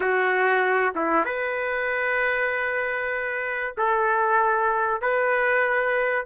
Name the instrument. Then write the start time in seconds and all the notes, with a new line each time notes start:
trumpet
0.00 F#4
0.95 E4
1.25 B4
3.77 A4
5.01 B4